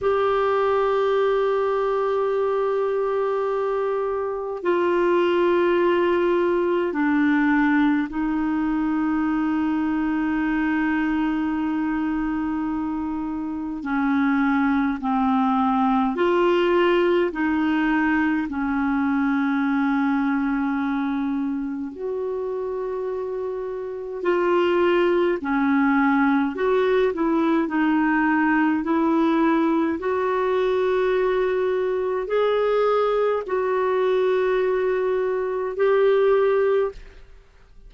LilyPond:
\new Staff \with { instrumentName = "clarinet" } { \time 4/4 \tempo 4 = 52 g'1 | f'2 d'4 dis'4~ | dis'1 | cis'4 c'4 f'4 dis'4 |
cis'2. fis'4~ | fis'4 f'4 cis'4 fis'8 e'8 | dis'4 e'4 fis'2 | gis'4 fis'2 g'4 | }